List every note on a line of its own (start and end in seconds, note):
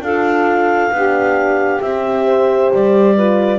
0.00 0.90 D4
0.00 0.92 F4
0.00 0.92 A4
0.00 1.81 F5
0.90 1.80 B3
0.90 1.83 D4
0.90 2.26 G4
1.81 2.70 C4
1.81 3.17 G4
1.81 2.71 E5
2.26 3.15 C5
2.73 3.59 G3
2.73 3.59 D5
3.15 3.59 F4
3.15 3.59 B4